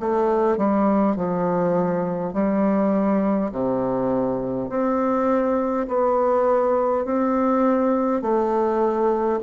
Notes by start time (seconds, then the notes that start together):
0.00 A3
0.58 G3
1.17 F3
2.34 G3
3.52 C3
4.70 C4
5.88 B3
7.05 C4
8.22 A3